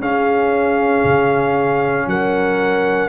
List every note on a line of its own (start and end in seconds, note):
0.00 1.03 C#4
0.00 3.09 C#4
0.00 2.07 G#4
0.00 2.09 F5
1.04 2.07 C#3
2.07 3.09 F#3
2.07 3.09 A#4
2.07 3.09 F#5